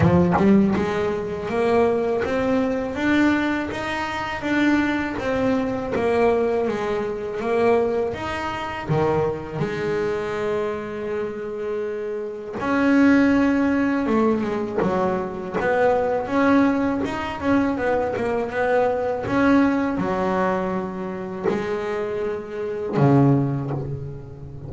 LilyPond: \new Staff \with { instrumentName = "double bass" } { \time 4/4 \tempo 4 = 81 f8 g8 gis4 ais4 c'4 | d'4 dis'4 d'4 c'4 | ais4 gis4 ais4 dis'4 | dis4 gis2.~ |
gis4 cis'2 a8 gis8 | fis4 b4 cis'4 dis'8 cis'8 | b8 ais8 b4 cis'4 fis4~ | fis4 gis2 cis4 | }